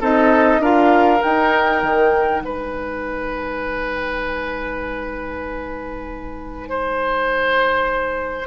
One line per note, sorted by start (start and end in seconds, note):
0.00 0.58 C4
0.00 0.62 D#4
0.00 0.61 A4
0.00 0.62 D#5
0.58 1.19 D4
0.58 1.17 F4
0.58 2.43 A#4
0.58 1.22 F5
1.17 8.45 D#4
1.17 2.44 G5
1.24 1.82 D#4
1.82 2.42 D#3
2.42 8.47 G#3
2.42 6.69 B4
2.42 8.47 G#5
6.69 8.47 C5